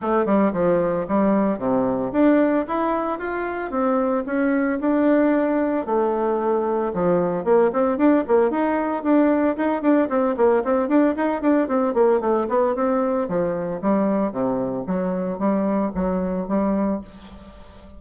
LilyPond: \new Staff \with { instrumentName = "bassoon" } { \time 4/4 \tempo 4 = 113 a8 g8 f4 g4 c4 | d'4 e'4 f'4 c'4 | cis'4 d'2 a4~ | a4 f4 ais8 c'8 d'8 ais8 |
dis'4 d'4 dis'8 d'8 c'8 ais8 | c'8 d'8 dis'8 d'8 c'8 ais8 a8 b8 | c'4 f4 g4 c4 | fis4 g4 fis4 g4 | }